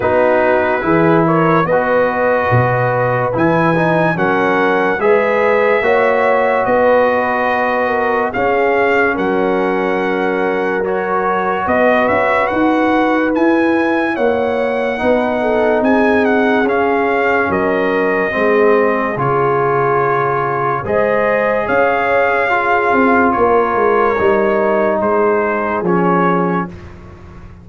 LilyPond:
<<
  \new Staff \with { instrumentName = "trumpet" } { \time 4/4 \tempo 4 = 72 b'4. cis''8 dis''2 | gis''4 fis''4 e''2 | dis''2 f''4 fis''4~ | fis''4 cis''4 dis''8 e''8 fis''4 |
gis''4 fis''2 gis''8 fis''8 | f''4 dis''2 cis''4~ | cis''4 dis''4 f''2 | cis''2 c''4 cis''4 | }
  \new Staff \with { instrumentName = "horn" } { \time 4/4 fis'4 gis'8 ais'8 b'2~ | b'4 ais'4 b'4 cis''4 | b'4. ais'8 gis'4 ais'4~ | ais'2 b'2~ |
b'4 cis''4 b'8 a'8 gis'4~ | gis'4 ais'4 gis'2~ | gis'4 c''4 cis''4 gis'4 | ais'2 gis'2 | }
  \new Staff \with { instrumentName = "trombone" } { \time 4/4 dis'4 e'4 fis'2 | e'8 dis'8 cis'4 gis'4 fis'4~ | fis'2 cis'2~ | cis'4 fis'2. |
e'2 dis'2 | cis'2 c'4 f'4~ | f'4 gis'2 f'4~ | f'4 dis'2 cis'4 | }
  \new Staff \with { instrumentName = "tuba" } { \time 4/4 b4 e4 b4 b,4 | e4 fis4 gis4 ais4 | b2 cis'4 fis4~ | fis2 b8 cis'8 dis'4 |
e'4 ais4 b4 c'4 | cis'4 fis4 gis4 cis4~ | cis4 gis4 cis'4. c'8 | ais8 gis8 g4 gis4 f4 | }
>>